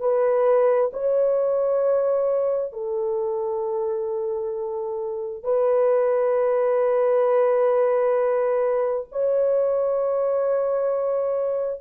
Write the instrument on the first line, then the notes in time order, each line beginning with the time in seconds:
horn
0.00 B4
0.93 C#5
2.73 A4
5.43 B4
9.12 C#5